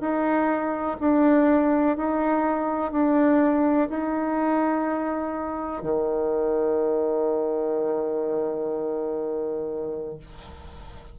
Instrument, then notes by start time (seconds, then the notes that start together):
bassoon
0.00 D#4
1.00 D4
1.97 D#4
2.92 D4
3.90 D#4
5.83 D#3